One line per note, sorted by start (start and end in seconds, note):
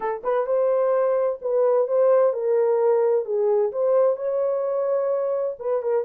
0.00 0.22 A4
0.23 0.46 B4
0.46 1.39 C5
1.41 1.87 B4
1.87 2.33 C5
2.33 3.25 A#4
3.25 3.71 G#4
3.71 4.16 C5
4.16 5.55 C#5
5.59 5.82 B4
5.82 6.04 A#4